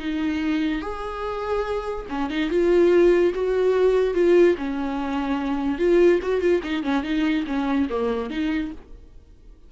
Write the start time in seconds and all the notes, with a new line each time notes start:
0.00 D#4
0.82 G#4
2.10 C#4
2.30 D#4
2.50 F4
3.35 F#4
4.15 F4
4.58 C#4
5.79 F4
6.23 F#4
6.41 F4
6.64 D#4
6.84 C#4
7.04 D#4
7.47 C#4
7.90 A#3
8.30 D#4